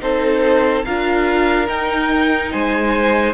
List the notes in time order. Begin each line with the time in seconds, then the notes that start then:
0.00 C4 D#4 A4 C5
0.85 D4 F4 A#4 F5
1.67 D#4 G5
2.52 G#3 C5 G#5